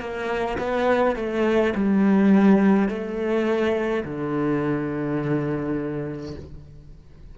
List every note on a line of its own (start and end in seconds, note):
0.00 0.58 A#3
0.58 1.16 B3
1.16 1.74 A3
1.75 2.88 G3
2.88 4.04 A3
4.05 6.36 D3